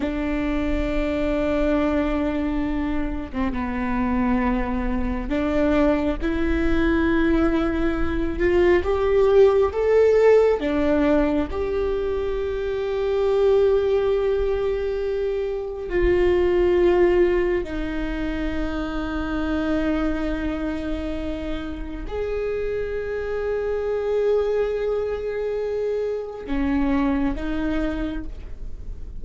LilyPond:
\new Staff \with { instrumentName = "viola" } { \time 4/4 \tempo 4 = 68 d'2.~ d'8. c'16 | b2 d'4 e'4~ | e'4. f'8 g'4 a'4 | d'4 g'2.~ |
g'2 f'2 | dis'1~ | dis'4 gis'2.~ | gis'2 cis'4 dis'4 | }